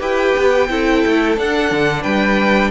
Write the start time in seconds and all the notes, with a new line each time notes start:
0.00 E4 G4 B4 G5
0.38 B3
0.69 C4 E4 A4
1.06 A3
1.37 D4 F#5
1.71 D3
2.02 G3 B4 G5